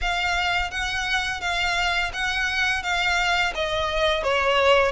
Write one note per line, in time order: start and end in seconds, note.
0.01 0.71 F5
0.71 1.41 F#5
1.41 2.11 F5
2.13 2.82 F#5
2.82 3.53 F5
3.55 4.23 D#5
4.23 4.91 C#5